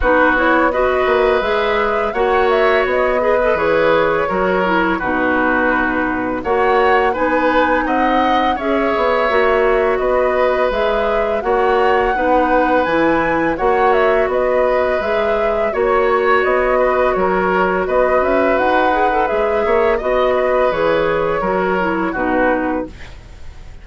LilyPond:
<<
  \new Staff \with { instrumentName = "flute" } { \time 4/4 \tempo 4 = 84 b'8 cis''8 dis''4 e''4 fis''8 e''8 | dis''4 cis''2 b'4~ | b'4 fis''4 gis''4 fis''4 | e''2 dis''4 e''4 |
fis''2 gis''4 fis''8 e''8 | dis''4 e''4 cis''4 dis''4 | cis''4 dis''8 e''8 fis''4 e''4 | dis''4 cis''2 b'4 | }
  \new Staff \with { instrumentName = "oboe" } { \time 4/4 fis'4 b'2 cis''4~ | cis''8 b'4. ais'4 fis'4~ | fis'4 cis''4 b'4 dis''4 | cis''2 b'2 |
cis''4 b'2 cis''4 | b'2 cis''4. b'8 | ais'4 b'2~ b'8 cis''8 | dis''8 b'4. ais'4 fis'4 | }
  \new Staff \with { instrumentName = "clarinet" } { \time 4/4 dis'8 e'8 fis'4 gis'4 fis'4~ | fis'8 gis'16 a'16 gis'4 fis'8 e'8 dis'4~ | dis'4 fis'4 dis'2 | gis'4 fis'2 gis'4 |
fis'4 dis'4 e'4 fis'4~ | fis'4 gis'4 fis'2~ | fis'2~ fis'8 gis'16 a'16 gis'4 | fis'4 gis'4 fis'8 e'8 dis'4 | }
  \new Staff \with { instrumentName = "bassoon" } { \time 4/4 b4. ais8 gis4 ais4 | b4 e4 fis4 b,4~ | b,4 ais4 b4 c'4 | cis'8 b8 ais4 b4 gis4 |
ais4 b4 e4 ais4 | b4 gis4 ais4 b4 | fis4 b8 cis'8 dis'4 gis8 ais8 | b4 e4 fis4 b,4 | }
>>